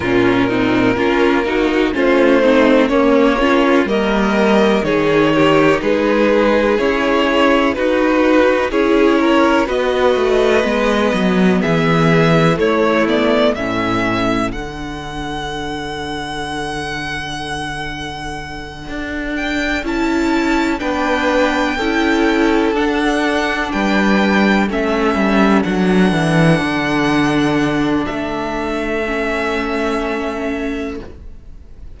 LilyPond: <<
  \new Staff \with { instrumentName = "violin" } { \time 4/4 \tempo 4 = 62 ais'2 c''4 cis''4 | dis''4 cis''4 b'4 cis''4 | b'4 cis''4 dis''2 | e''4 cis''8 d''8 e''4 fis''4~ |
fis''1 | g''8 a''4 g''2 fis''8~ | fis''8 g''4 e''4 fis''4.~ | fis''4 e''2. | }
  \new Staff \with { instrumentName = "violin" } { \time 4/4 f'8 dis'8 f'8 fis'8 f'8 dis'8 cis'8 f'8 | ais'4 gis'8 g'8 gis'2 | fis'4 gis'8 ais'8 b'2 | gis'4 e'4 a'2~ |
a'1~ | a'4. b'4 a'4.~ | a'8 b'4 a'2~ a'8~ | a'1 | }
  \new Staff \with { instrumentName = "viola" } { \time 4/4 cis'8 c'8 cis'8 dis'8 cis'8 c'8 ais8 cis'8 | ais4 dis'2 cis'4 | dis'4 e'4 fis'4 b4~ | b4 a8 b8 cis'4 d'4~ |
d'1~ | d'8 e'4 d'4 e'4 d'8~ | d'4. cis'4 d'4.~ | d'2 cis'2 | }
  \new Staff \with { instrumentName = "cello" } { \time 4/4 ais,4 ais4 a4 ais4 | g4 dis4 gis4 e'4 | dis'4 cis'4 b8 a8 gis8 fis8 | e4 a4 a,4 d4~ |
d2.~ d8 d'8~ | d'8 cis'4 b4 cis'4 d'8~ | d'8 g4 a8 g8 fis8 e8 d8~ | d4 a2. | }
>>